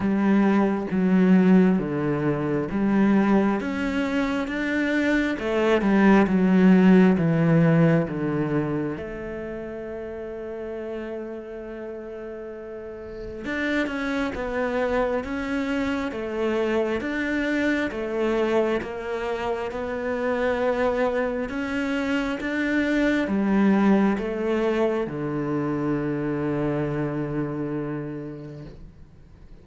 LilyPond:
\new Staff \with { instrumentName = "cello" } { \time 4/4 \tempo 4 = 67 g4 fis4 d4 g4 | cis'4 d'4 a8 g8 fis4 | e4 d4 a2~ | a2. d'8 cis'8 |
b4 cis'4 a4 d'4 | a4 ais4 b2 | cis'4 d'4 g4 a4 | d1 | }